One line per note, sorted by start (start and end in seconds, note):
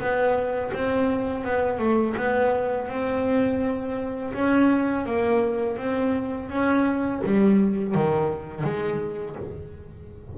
0.00 0.72 B3
0.74 1.45 C4
1.45 1.80 B3
1.80 2.16 A3
2.17 2.89 B3
2.89 4.33 C4
4.34 5.06 C#4
5.06 5.78 A#3
5.78 6.50 C4
6.50 7.22 C#4
7.25 7.95 G3
7.95 8.64 D#3
8.64 9.36 G#3